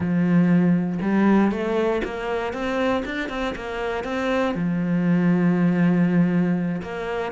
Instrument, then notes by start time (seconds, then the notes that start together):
cello
0.00 F3
1.01 G3
1.51 A3
2.04 A#3
2.53 C4
3.05 D4
3.29 C4
3.55 A#3
4.04 C4
4.54 F3
6.82 A#3